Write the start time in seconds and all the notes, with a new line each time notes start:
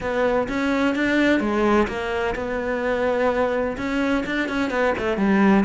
0.00 B3
0.48 C#4
0.95 D4
1.40 G#3
1.87 A#3
2.35 B3
3.77 C#4
4.26 D4
4.48 C#4
4.70 B3
4.98 A3
5.17 G3